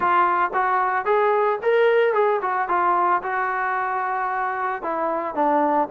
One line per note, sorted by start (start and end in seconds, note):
0.00 0.51 F4
0.53 1.05 F#4
1.05 1.58 G#4
1.62 2.13 A#4
2.13 2.40 G#4
2.41 2.68 F#4
2.68 3.22 F4
3.22 4.82 F#4
4.82 5.34 E4
5.34 5.88 D4